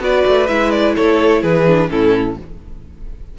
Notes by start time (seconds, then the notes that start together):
0.00 B3 F#4 B4 D5
0.27 A3
0.48 G#3 E4 E5
0.71 D5
0.96 A3 A4 C#5
1.42 E3 G#4 B4
1.68 D4
1.90 A2 C#4 E4 A4